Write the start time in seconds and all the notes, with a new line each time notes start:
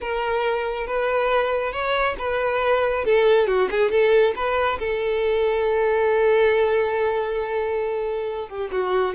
0.00 A#4
0.86 B4
1.72 C#5
2.18 B4
3.05 A4
3.47 F#4
3.70 G#4
3.90 A4
4.35 B4
4.79 A4
8.48 G4
8.71 F#4